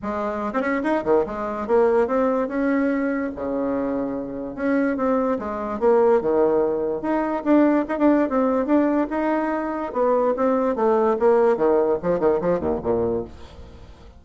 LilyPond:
\new Staff \with { instrumentName = "bassoon" } { \time 4/4 \tempo 4 = 145 gis4~ gis16 c'16 cis'8 dis'8 dis8 gis4 | ais4 c'4 cis'2 | cis2. cis'4 | c'4 gis4 ais4 dis4~ |
dis4 dis'4 d'4 dis'16 d'8. | c'4 d'4 dis'2 | b4 c'4 a4 ais4 | dis4 f8 dis8 f8 dis,8 ais,4 | }